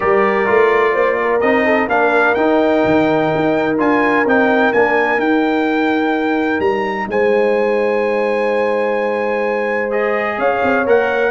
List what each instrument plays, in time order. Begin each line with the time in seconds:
0.00 tuba G3, trombone G4, horn A#4, trumpet D5
0.46 tuba A3, trombone F4
0.93 tuba A#3, horn C5
1.21 horn A#4
1.40 tuba C4, trombone D#4, trumpet D#5
1.65 horn A4
1.87 tuba A#3, trombone D4, horn A#4, trumpet F5
2.34 tuba D#4, trombone D#4, trumpet G5
2.84 tuba D#3
3.35 tuba D#4
3.77 tuba D4, trombone F4, trumpet G#5
4.25 tuba C4, trombone D#4, trumpet G5
4.72 tuba A#3, trombone D4, trumpet G#5
5.18 tuba D#4, trombone D#4, trumpet G5
6.59 tuba G3, trumpet A#5
7.07 tuba G#3, horn C5, trumpet G#5
9.90 trombone G#4, trumpet D#5
10.37 tuba C#4, horn C#5, trumpet F5
10.63 tuba C4
10.86 tuba A#3, trombone A#4, trumpet F#5